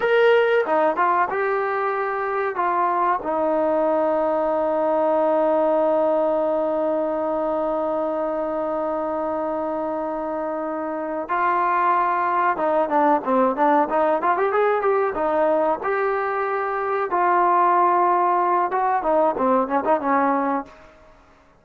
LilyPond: \new Staff \with { instrumentName = "trombone" } { \time 4/4 \tempo 4 = 93 ais'4 dis'8 f'8 g'2 | f'4 dis'2.~ | dis'1~ | dis'1~ |
dis'4. f'2 dis'8 | d'8 c'8 d'8 dis'8 f'16 g'16 gis'8 g'8 dis'8~ | dis'8 g'2 f'4.~ | f'4 fis'8 dis'8 c'8 cis'16 dis'16 cis'4 | }